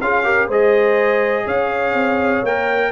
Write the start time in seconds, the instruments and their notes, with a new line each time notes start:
0.00 tuba C#4, trombone F4, horn G#4, trumpet F5
0.24 trombone G4, horn A#4
0.46 tuba G#3, trombone G#4, horn C5, trumpet D#5
1.45 tuba C#4, horn C#5, trumpet F5
1.93 tuba C4
2.43 tuba A#3, trombone A#4, trumpet G5